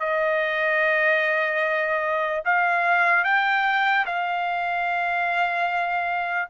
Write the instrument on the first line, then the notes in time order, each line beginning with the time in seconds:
trumpet
0.00 D#5
2.45 F5
3.24 G5
4.06 F5